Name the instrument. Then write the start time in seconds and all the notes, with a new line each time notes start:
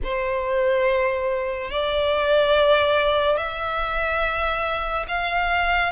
violin
0.03 C5
1.71 D5
3.36 E5
5.07 F5